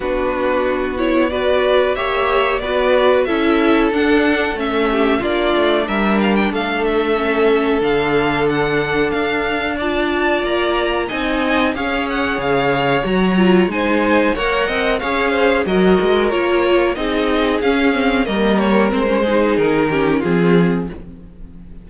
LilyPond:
<<
  \new Staff \with { instrumentName = "violin" } { \time 4/4 \tempo 4 = 92 b'4. cis''8 d''4 e''4 | d''4 e''4 fis''4 e''4 | d''4 e''8 f''16 g''16 f''8 e''4. | f''4 fis''4 f''4 a''4 |
ais''4 gis''4 f''8 fis''8 f''4 | ais''4 gis''4 fis''4 f''4 | dis''4 cis''4 dis''4 f''4 | dis''8 cis''8 c''4 ais'4 gis'4 | }
  \new Staff \with { instrumentName = "violin" } { \time 4/4 fis'2 b'4 cis''4 | b'4 a'2~ a'8 g'8 | f'4 ais'4 a'2~ | a'2. d''4~ |
d''4 dis''4 cis''2~ | cis''4 c''4 cis''8 dis''8 cis''8 c''8 | ais'2 gis'2 | ais'4. gis'4 g'8 f'4 | }
  \new Staff \with { instrumentName = "viola" } { \time 4/4 d'4. e'8 fis'4 g'4 | fis'4 e'4 d'4 cis'4 | d'2. cis'4 | d'2. f'4~ |
f'4 dis'4 gis'2 | fis'8 f'8 dis'4 ais'4 gis'4 | fis'4 f'4 dis'4 cis'8 c'8 | ais4 c'16 cis'16 dis'4 cis'8 c'4 | }
  \new Staff \with { instrumentName = "cello" } { \time 4/4 b2. ais4 | b4 cis'4 d'4 a4 | ais8 a8 g4 a2 | d2 d'2 |
ais4 c'4 cis'4 cis4 | fis4 gis4 ais8 c'8 cis'4 | fis8 gis8 ais4 c'4 cis'4 | g4 gis4 dis4 f4 | }
>>